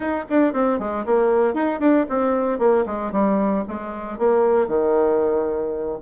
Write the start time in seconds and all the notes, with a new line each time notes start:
0.00 D#4
0.29 D4
0.53 C4
0.79 G#3
1.05 A#3
1.54 D#4
1.80 D4
2.09 C4
2.58 A#3
2.86 G#3
3.12 G3
3.68 G#3
4.18 A#3
4.67 D#3